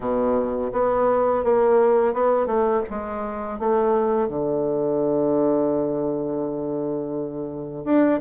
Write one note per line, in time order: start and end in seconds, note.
0.00 0.71 B2
0.72 1.44 B3
1.44 2.13 A#3
2.13 2.46 B3
2.46 2.82 A3
2.89 3.59 G#3
3.59 4.28 A3
4.28 7.84 D3
7.84 8.20 D4